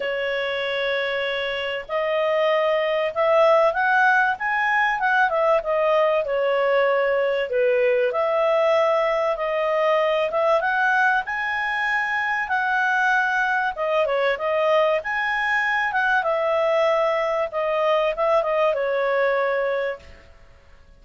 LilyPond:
\new Staff \with { instrumentName = "clarinet" } { \time 4/4 \tempo 4 = 96 cis''2. dis''4~ | dis''4 e''4 fis''4 gis''4 | fis''8 e''8 dis''4 cis''2 | b'4 e''2 dis''4~ |
dis''8 e''8 fis''4 gis''2 | fis''2 dis''8 cis''8 dis''4 | gis''4. fis''8 e''2 | dis''4 e''8 dis''8 cis''2 | }